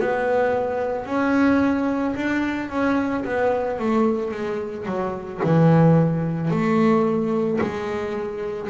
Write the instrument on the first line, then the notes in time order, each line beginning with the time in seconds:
double bass
0.00 B3
1.06 C#4
2.15 D4
2.69 C#4
3.25 B3
3.79 A3
4.31 G#3
4.85 F#3
5.43 E3
6.51 A3
7.61 G#3